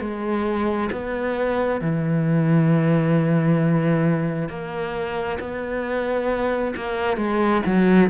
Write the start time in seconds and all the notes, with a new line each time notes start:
0.00 G#3
0.92 B3
1.81 E3
4.49 A#3
5.39 B3
6.76 A#3
7.17 G#3
7.66 F#3